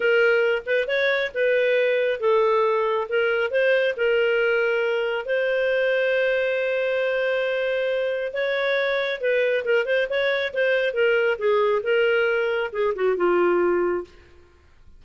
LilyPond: \new Staff \with { instrumentName = "clarinet" } { \time 4/4 \tempo 4 = 137 ais'4. b'8 cis''4 b'4~ | b'4 a'2 ais'4 | c''4 ais'2. | c''1~ |
c''2. cis''4~ | cis''4 b'4 ais'8 c''8 cis''4 | c''4 ais'4 gis'4 ais'4~ | ais'4 gis'8 fis'8 f'2 | }